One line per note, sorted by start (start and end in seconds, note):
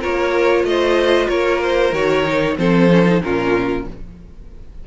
0.00 0.64 A#3
0.00 1.92 F4
0.00 0.64 A#4
0.00 0.65 C#5
0.64 1.28 A3
0.64 1.28 C5
0.64 1.28 D#5
1.28 1.92 A#3
1.28 2.56 A#4
1.28 1.60 C#5
1.63 1.94 C5
1.92 2.56 D#3
1.92 2.24 F#4
1.92 2.58 C#5
2.24 2.56 D#4
2.57 3.21 F3
2.57 2.89 C4
2.57 3.23 A4
2.57 3.22 C5
2.90 3.05 C#4
3.05 3.21 D#4
3.23 3.87 A#2
3.23 3.87 C#4
3.23 3.87 F4
3.23 3.87 A#4